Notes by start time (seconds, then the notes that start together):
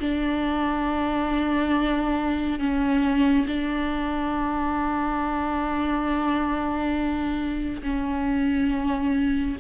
0.00 D4
2.59 C#4
3.47 D4
7.83 C#4